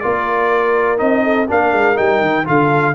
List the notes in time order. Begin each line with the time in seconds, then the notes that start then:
0.00 A#3 F4 A#4 D5
0.97 C4 D#4 D#5
1.24 A4
1.48 A#3 D4 A#4 F5
1.73 G#3
1.95 G3 D#4 G5
2.21 D#3
2.45 D3 F4 A4 F5